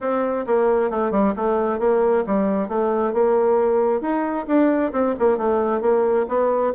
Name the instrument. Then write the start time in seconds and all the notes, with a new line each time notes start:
bassoon
0.00 C4
0.46 A#3
0.90 A3
1.11 G3
1.36 A3
1.79 A#3
2.26 G3
2.68 A3
3.13 A#3
4.01 D#4
4.47 D4
4.92 C4
5.19 A#3
5.37 A3
5.81 A#3
6.28 B3